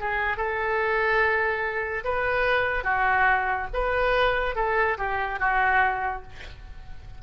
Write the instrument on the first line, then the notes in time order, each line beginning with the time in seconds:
oboe
0.00 G#4
0.37 A4
2.05 B4
2.84 F#4
3.74 B4
4.56 A4
4.98 G4
5.39 F#4